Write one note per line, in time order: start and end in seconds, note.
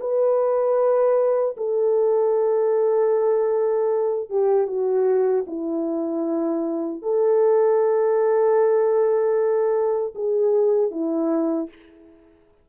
0.00 1.56 B4
1.57 4.30 A4
4.30 4.67 G4
4.67 5.45 F#4
5.47 7.02 E4
7.02 10.14 A4
10.15 10.91 G#4
10.91 11.69 E4